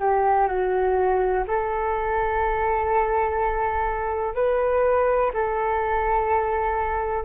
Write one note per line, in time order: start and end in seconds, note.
0.00 0.48 G4
0.48 1.45 F#4
1.48 4.35 A4
4.35 5.32 B4
5.34 7.25 A4